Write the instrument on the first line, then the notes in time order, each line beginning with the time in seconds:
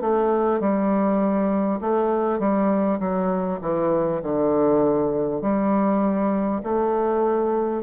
bassoon
0.00 A3
0.59 G3
1.81 A3
2.39 G3
2.99 F#3
3.61 E3
4.22 D3
5.41 G3
6.63 A3